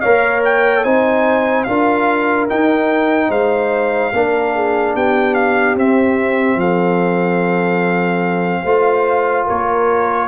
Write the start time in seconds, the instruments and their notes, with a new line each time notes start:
0.00 tuba A#3, trombone A#4, horn C#5, trumpet F5
0.45 trumpet G5
0.84 tuba C4, trombone D#4, horn C5, trumpet G#5
1.64 tuba D4, trombone F4, horn A#4, trumpet F5
2.48 trombone D#4, tuba D#4, trumpet G5
3.28 tuba G#3, horn C5, trumpet F5
4.12 tuba A#3, trombone D4, horn A#4
4.55 horn G#4
4.95 tuba B3, horn G4, trumpet G5
5.34 trumpet F5
5.75 tuba C4, trombone C4, trumpet E5
6.55 tuba F3, horn A4, trumpet F5
8.63 tuba A3, trombone F4, horn C5
9.45 tuba A#3, horn A#4, trumpet C#5